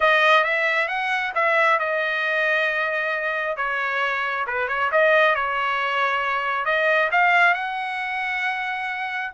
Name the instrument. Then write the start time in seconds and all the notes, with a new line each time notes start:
trumpet
0.00 D#5
0.43 E5
0.88 F#5
1.34 E5
1.79 D#5
3.57 C#5
4.46 B4
4.68 C#5
4.91 D#5
5.35 C#5
6.65 D#5
7.11 F5
7.53 F#5